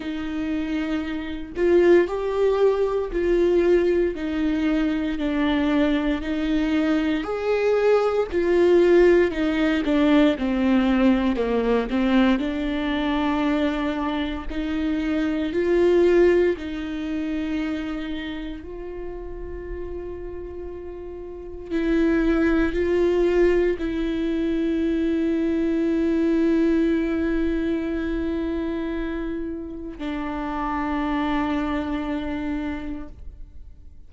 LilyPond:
\new Staff \with { instrumentName = "viola" } { \time 4/4 \tempo 4 = 58 dis'4. f'8 g'4 f'4 | dis'4 d'4 dis'4 gis'4 | f'4 dis'8 d'8 c'4 ais8 c'8 | d'2 dis'4 f'4 |
dis'2 f'2~ | f'4 e'4 f'4 e'4~ | e'1~ | e'4 d'2. | }